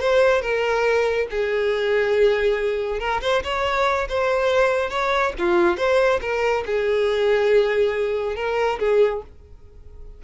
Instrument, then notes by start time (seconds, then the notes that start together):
violin
0.00 C5
0.41 A#4
1.30 G#4
2.99 A#4
3.21 C5
3.43 C#5
4.09 C5
4.90 C#5
5.38 F4
5.77 C5
6.21 A#4
6.66 G#4
8.36 A#4
8.79 G#4